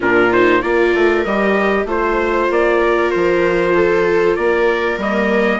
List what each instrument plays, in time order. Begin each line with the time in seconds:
0.00 bassoon A#2, viola D4 F4, trumpet A#4
0.32 viola D#4, trumpet C5
0.60 bassoon A#3, viola F4 A#4, trumpet D5
0.94 bassoon A3
1.24 bassoon G3, viola G4, trumpet D#5
1.85 bassoon A3, viola F4 C5, trumpet C5
2.50 bassoon A#3, trumpet D5
2.81 viola A#4
3.11 bassoon F3, trumpet C5
3.74 viola A4
4.36 bassoon A#3, viola A#4, trumpet D5
4.97 bassoon G3, viola A#3, trumpet D#5